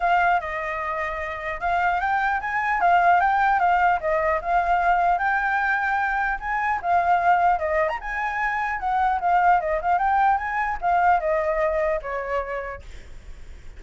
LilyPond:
\new Staff \with { instrumentName = "flute" } { \time 4/4 \tempo 4 = 150 f''4 dis''2. | f''4 g''4 gis''4 f''4 | g''4 f''4 dis''4 f''4~ | f''4 g''2. |
gis''4 f''2 dis''8. ais''16 | gis''2 fis''4 f''4 | dis''8 f''8 g''4 gis''4 f''4 | dis''2 cis''2 | }